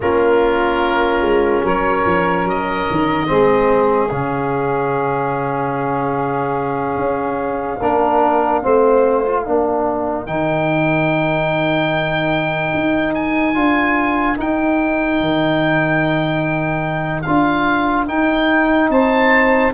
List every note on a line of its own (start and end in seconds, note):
0.00 1.20 A#3
0.00 3.26 C#4
0.00 1.63 F4
0.00 1.65 A#4
1.20 1.61 G#3
1.63 2.04 F#3
1.63 3.27 A#4
1.63 2.48 C#5
2.05 2.44 F3
2.44 2.85 F#3
2.44 4.11 D#5
2.90 3.30 D#3
3.26 4.10 G#3
3.26 4.09 C4
3.26 7.79 G#4
4.10 6.96 C#3
4.10 7.80 C#4
4.10 10.26 F5
6.96 7.78 C#4
7.79 8.63 A#3
7.79 8.62 D4
7.79 8.61 A#4
8.62 9.47 A3
8.62 9.24 C4
8.62 9.42 C5
9.24 9.45 F4
9.42 10.26 A#3
9.42 10.26 D4
9.42 18.87 A#4
10.26 12.73 D#3
10.26 13.54 D#4
10.26 13.14 G5
12.73 13.55 D#4
13.14 14.37 G#5
13.54 14.37 D4
13.54 14.36 F4
14.36 17.24 D#4
14.36 15.20 D#4
14.36 17.22 G5
15.20 17.25 D#3
17.22 18.08 D4
17.22 18.07 F4
17.22 18.04 F5
18.07 19.71 D#4
18.07 18.89 D#4
18.07 18.90 G5
18.89 19.71 C4
18.89 19.73 C5
18.89 19.73 A5